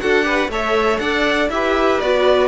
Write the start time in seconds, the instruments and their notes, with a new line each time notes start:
0.00 cello D4, viola F#4, violin A4 F#5
0.23 viola G4, violin B4
0.48 cello A3, viola A4, violin C#5 E5
0.99 cello D4, violin D5 F#5
1.49 cello E4, viola G4, violin B4 E5
2.00 cello B3, viola F#4, violin D5